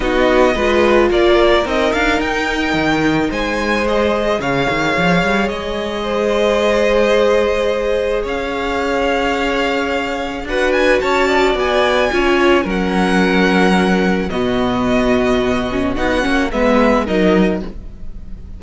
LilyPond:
<<
  \new Staff \with { instrumentName = "violin" } { \time 4/4 \tempo 4 = 109 dis''2 d''4 dis''8 f''8 | g''2 gis''4 dis''4 | f''2 dis''2~ | dis''2. f''4~ |
f''2. fis''8 gis''8 | a''4 gis''2 fis''4~ | fis''2 dis''2~ | dis''4 fis''4 e''4 dis''4 | }
  \new Staff \with { instrumentName = "violin" } { \time 4/4 fis'4 b'4 ais'2~ | ais'2 c''2 | cis''2. c''4~ | c''2. cis''4~ |
cis''2. b'4 | cis''8 d''4. cis''4 ais'4~ | ais'2 fis'2~ | fis'2 b'4 ais'4 | }
  \new Staff \with { instrumentName = "viola" } { \time 4/4 dis'4 f'2 dis'4~ | dis'2. gis'4~ | gis'1~ | gis'1~ |
gis'2. fis'4~ | fis'2 f'4 cis'4~ | cis'2 b2~ | b8 cis'8 dis'8 cis'8 b4 dis'4 | }
  \new Staff \with { instrumentName = "cello" } { \time 4/4 b4 gis4 ais4 c'8 d'8 | dis'4 dis4 gis2 | cis8 dis8 f8 g8 gis2~ | gis2. cis'4~ |
cis'2. d'4 | cis'4 b4 cis'4 fis4~ | fis2 b,2~ | b,4 b8 ais8 gis4 fis4 | }
>>